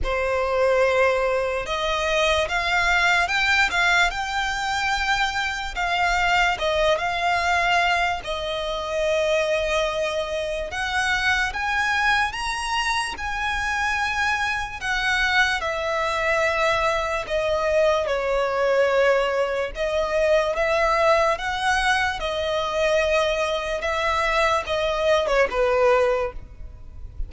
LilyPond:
\new Staff \with { instrumentName = "violin" } { \time 4/4 \tempo 4 = 73 c''2 dis''4 f''4 | g''8 f''8 g''2 f''4 | dis''8 f''4. dis''2~ | dis''4 fis''4 gis''4 ais''4 |
gis''2 fis''4 e''4~ | e''4 dis''4 cis''2 | dis''4 e''4 fis''4 dis''4~ | dis''4 e''4 dis''8. cis''16 b'4 | }